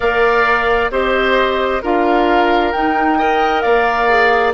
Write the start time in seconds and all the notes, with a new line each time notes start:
0.00 A#3 A#4 D5 F5
0.90 C4 G4 C5 D#5
1.82 D4 F4 A#4 F5
2.72 D#4 G5
3.18 A#4 D#5
3.61 A#3 D5 F5
4.08 G#4